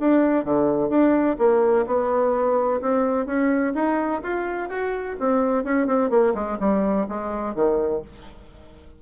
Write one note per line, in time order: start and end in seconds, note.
0.00 0.45 D4
0.45 0.90 D3
0.90 1.37 D4
1.39 1.86 A#3
1.87 2.81 B3
2.82 3.26 C4
3.26 3.74 C#4
3.75 4.22 D#4
4.23 4.69 F4
4.69 5.17 F#4
5.20 5.64 C4
5.64 5.87 C#4
5.87 6.11 C4
6.11 6.34 A#3
6.35 6.59 G#3
6.60 7.07 G3
7.09 7.55 G#3
7.55 8.02 D#3